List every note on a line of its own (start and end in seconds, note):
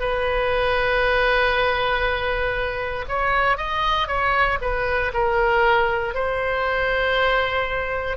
0.00 3.05 B4
3.08 3.57 C#5
3.57 4.08 D#5
4.08 4.59 C#5
4.61 5.12 B4
5.14 6.15 A#4
6.15 8.17 C5